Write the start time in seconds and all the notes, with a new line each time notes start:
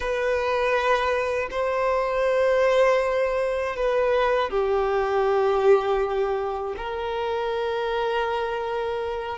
0.00 B4
1.50 C5
3.75 B4
4.50 G4
6.77 A#4